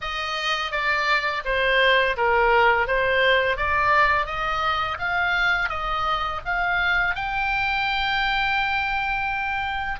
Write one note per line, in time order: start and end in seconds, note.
0.01 0.71 D#5
0.71 1.43 D5
1.44 2.16 C5
2.16 2.87 A#4
2.87 3.56 C5
3.56 4.26 D5
4.26 4.97 D#5
4.98 5.69 F5
5.69 6.40 D#5
6.45 7.15 F5
7.15 10.00 G5